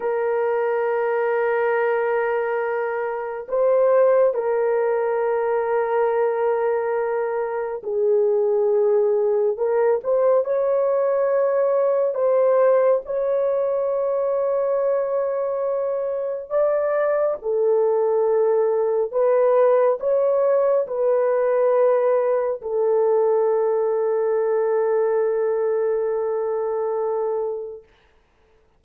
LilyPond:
\new Staff \with { instrumentName = "horn" } { \time 4/4 \tempo 4 = 69 ais'1 | c''4 ais'2.~ | ais'4 gis'2 ais'8 c''8 | cis''2 c''4 cis''4~ |
cis''2. d''4 | a'2 b'4 cis''4 | b'2 a'2~ | a'1 | }